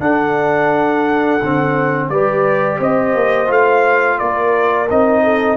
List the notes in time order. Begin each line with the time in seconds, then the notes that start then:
0.00 D4 A4 F#5
1.42 D3 C4
2.09 G3 G4 B4 D5
2.78 C4 C5 D#5
3.14 A#3
3.47 A3 F4 F5
4.18 A#3 A#4 D5
4.89 C4 D#4 D#5
5.23 A4